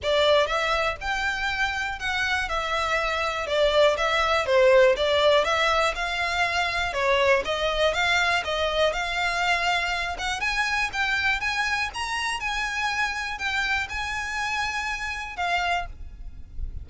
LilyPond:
\new Staff \with { instrumentName = "violin" } { \time 4/4 \tempo 4 = 121 d''4 e''4 g''2 | fis''4 e''2 d''4 | e''4 c''4 d''4 e''4 | f''2 cis''4 dis''4 |
f''4 dis''4 f''2~ | f''8 fis''8 gis''4 g''4 gis''4 | ais''4 gis''2 g''4 | gis''2. f''4 | }